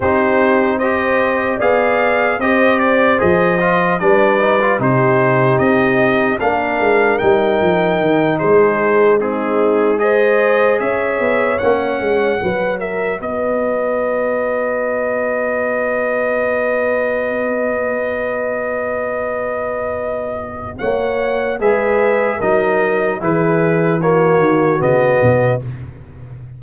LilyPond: <<
  \new Staff \with { instrumentName = "trumpet" } { \time 4/4 \tempo 4 = 75 c''4 dis''4 f''4 dis''8 d''8 | dis''4 d''4 c''4 dis''4 | f''4 g''4. c''4 gis'8~ | gis'8 dis''4 e''4 fis''4. |
e''8 dis''2.~ dis''8~ | dis''1~ | dis''2 fis''4 e''4 | dis''4 b'4 cis''4 dis''4 | }
  \new Staff \with { instrumentName = "horn" } { \time 4/4 g'4 c''4 d''4 c''4~ | c''4 b'4 g'2 | ais'2~ ais'8 gis'4 dis'8~ | dis'8 c''4 cis''2 b'8 |
ais'8 b'2.~ b'8~ | b'1~ | b'2 cis''4 b'4 | ais'4 gis'4 fis'2 | }
  \new Staff \with { instrumentName = "trombone" } { \time 4/4 dis'4 g'4 gis'4 g'4 | gis'8 f'8 d'8 dis'16 f'16 dis'2 | d'4 dis'2~ dis'8 c'8~ | c'8 gis'2 cis'4 fis'8~ |
fis'1~ | fis'1~ | fis'2. gis'4 | dis'4 e'4 ais4 b4 | }
  \new Staff \with { instrumentName = "tuba" } { \time 4/4 c'2 b4 c'4 | f4 g4 c4 c'4 | ais8 gis8 g8 f8 dis8 gis4.~ | gis4. cis'8 b8 ais8 gis8 fis8~ |
fis8 b2.~ b8~ | b1~ | b2 ais4 gis4 | fis4 e4. dis8 cis8 b,8 | }
>>